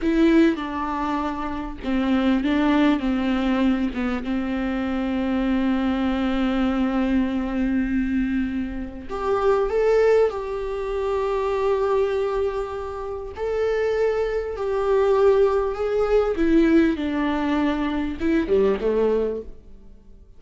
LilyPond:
\new Staff \with { instrumentName = "viola" } { \time 4/4 \tempo 4 = 99 e'4 d'2 c'4 | d'4 c'4. b8 c'4~ | c'1~ | c'2. g'4 |
a'4 g'2.~ | g'2 a'2 | g'2 gis'4 e'4 | d'2 e'8 g8 a4 | }